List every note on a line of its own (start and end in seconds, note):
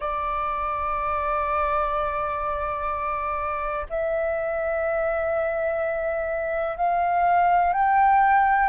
0.00 3.86 D5
3.89 6.77 E5
6.77 7.73 F5
7.73 8.69 G5